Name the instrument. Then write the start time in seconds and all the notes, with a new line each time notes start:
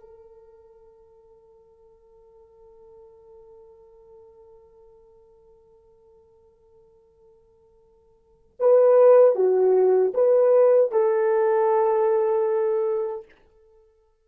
horn
0.00 A4
8.59 B4
9.35 F#4
10.14 B4
10.91 A4